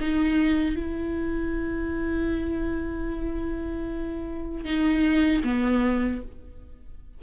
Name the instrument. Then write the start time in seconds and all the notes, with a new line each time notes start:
viola
0.00 D#4
0.75 E4
4.65 D#4
5.44 B3